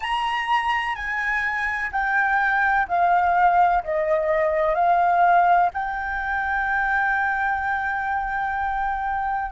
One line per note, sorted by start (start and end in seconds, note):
0.00 0.95 A#5
0.95 1.90 G#5
1.91 2.87 G5
2.87 3.83 F5
3.84 4.74 D#5
4.74 5.70 F5
5.73 9.51 G5